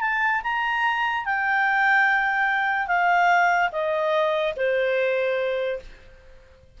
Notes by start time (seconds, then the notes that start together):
0.00 A5
0.43 A#5
1.25 G5
2.87 F5
3.71 D#5
4.56 C5